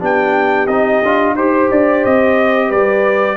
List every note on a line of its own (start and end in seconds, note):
0.00 0.68 B3
0.00 0.68 D4
0.00 1.35 G4
0.00 0.68 G5
0.68 1.01 C4
0.68 1.04 D#4
0.68 1.35 D#5
1.03 1.34 D4
1.03 1.38 F4
1.34 1.68 D#4
1.34 3.37 G4
1.34 1.70 C5
1.34 2.68 C5
1.71 2.05 D4
1.71 2.05 D5
2.05 2.71 C4
2.05 2.71 D#5
2.68 3.37 G3
2.68 3.36 B4
2.68 3.37 D5